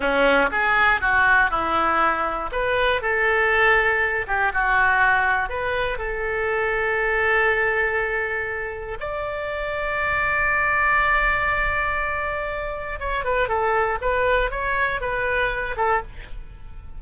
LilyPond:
\new Staff \with { instrumentName = "oboe" } { \time 4/4 \tempo 4 = 120 cis'4 gis'4 fis'4 e'4~ | e'4 b'4 a'2~ | a'8 g'8 fis'2 b'4 | a'1~ |
a'2 d''2~ | d''1~ | d''2 cis''8 b'8 a'4 | b'4 cis''4 b'4. a'8 | }